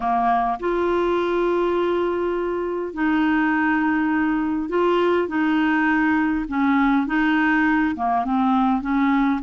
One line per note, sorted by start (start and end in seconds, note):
0.00 0.59 A#3
0.59 2.93 F4
2.93 4.69 D#4
4.69 5.28 F4
5.28 6.45 D#4
6.48 7.06 C#4
7.06 7.95 D#4
7.95 8.24 A#3
8.24 8.81 C4
8.81 9.40 C#4